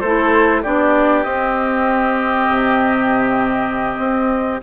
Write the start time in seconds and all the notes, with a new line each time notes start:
0.00 A3 E4 A4 C5
0.62 B3 D4 G4 D5
1.24 C4 D#5
2.49 C3
3.98 C4